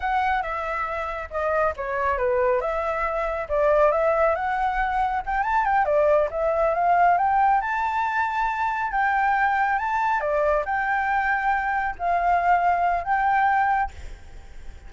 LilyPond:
\new Staff \with { instrumentName = "flute" } { \time 4/4 \tempo 4 = 138 fis''4 e''2 dis''4 | cis''4 b'4 e''2 | d''4 e''4 fis''2 | g''8 a''8 g''8 d''4 e''4 f''8~ |
f''8 g''4 a''2~ a''8~ | a''8 g''2 a''4 d''8~ | d''8 g''2. f''8~ | f''2 g''2 | }